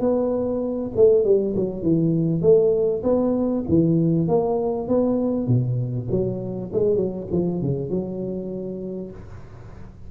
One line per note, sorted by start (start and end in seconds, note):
0.00 0.91 B3
0.96 1.24 A3
1.24 1.55 G3
1.56 1.82 F#3
1.82 2.42 E3
2.42 3.02 A3
3.03 3.64 B3
3.68 4.28 E3
4.28 4.88 A#3
4.88 5.47 B3
5.47 6.07 B2
6.10 6.71 F#3
6.72 6.96 G#3
6.96 7.27 F#3
7.31 7.61 F3
7.61 7.90 C#3
7.90 9.11 F#3